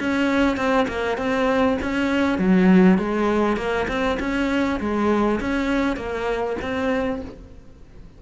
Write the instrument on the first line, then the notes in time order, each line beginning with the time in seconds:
cello
0.00 C#4
0.57 C4
0.88 A#3
1.18 C4
1.82 C#4
2.38 F#3
2.98 G#3
3.57 A#3
3.88 C4
4.20 C#4
4.80 G#3
5.40 C#4
5.96 A#3
6.61 C4